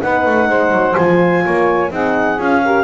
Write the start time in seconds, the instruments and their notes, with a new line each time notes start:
0.00 double bass B3, horn D#4, saxophone B4, clarinet F#5
0.26 double bass A3
0.49 double bass G#3, saxophone C5
0.71 double bass F#3
0.96 double bass F3, horn F4, clarinet G#5
1.44 double bass A#3, saxophone C#5
1.90 double bass C4, horn D#4, saxophone G#4, clarinet F#5
2.39 double bass C#4, horn F4, clarinet F5
2.64 horn G4, saxophone A#4